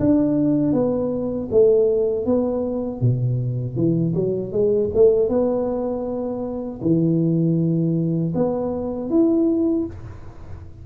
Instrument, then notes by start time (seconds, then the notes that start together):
tuba
0.00 D4
0.73 B3
1.52 A3
2.26 B3
3.01 B2
3.77 E3
4.15 F#3
4.53 G#3
4.95 A3
5.29 B3
6.82 E3
8.35 B3
9.10 E4